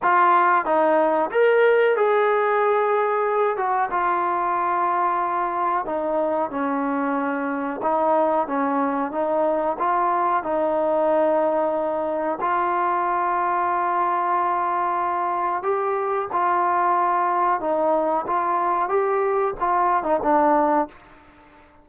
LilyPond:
\new Staff \with { instrumentName = "trombone" } { \time 4/4 \tempo 4 = 92 f'4 dis'4 ais'4 gis'4~ | gis'4. fis'8 f'2~ | f'4 dis'4 cis'2 | dis'4 cis'4 dis'4 f'4 |
dis'2. f'4~ | f'1 | g'4 f'2 dis'4 | f'4 g'4 f'8. dis'16 d'4 | }